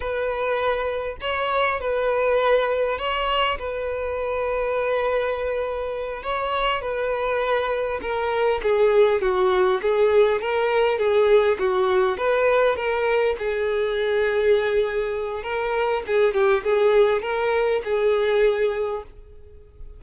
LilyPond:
\new Staff \with { instrumentName = "violin" } { \time 4/4 \tempo 4 = 101 b'2 cis''4 b'4~ | b'4 cis''4 b'2~ | b'2~ b'8 cis''4 b'8~ | b'4. ais'4 gis'4 fis'8~ |
fis'8 gis'4 ais'4 gis'4 fis'8~ | fis'8 b'4 ais'4 gis'4.~ | gis'2 ais'4 gis'8 g'8 | gis'4 ais'4 gis'2 | }